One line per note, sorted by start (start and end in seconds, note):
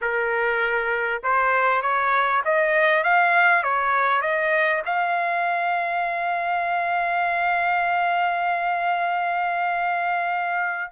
0.01 1.22 A#4
1.23 1.82 C5
1.82 2.42 C#5
2.44 3.03 D#5
3.03 3.63 F5
3.63 4.21 C#5
4.21 4.82 D#5
4.85 10.91 F5